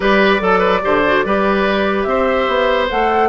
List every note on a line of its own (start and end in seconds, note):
0.00 0.41 G3
0.00 0.39 G4
0.00 0.41 B4
0.00 2.03 D5
0.39 0.82 F#3
0.39 0.81 A4
0.39 0.58 A4
0.58 0.79 B4
0.81 1.24 D3
0.81 1.02 G4
0.81 1.25 C5
1.06 1.25 F#4
1.24 2.05 G3
1.24 2.90 G4
1.24 2.08 B4
2.03 2.47 C4
2.03 3.28 C5
2.03 2.86 E5
2.48 2.89 B3
2.90 3.28 A3
2.90 3.28 A4
2.90 3.28 F#5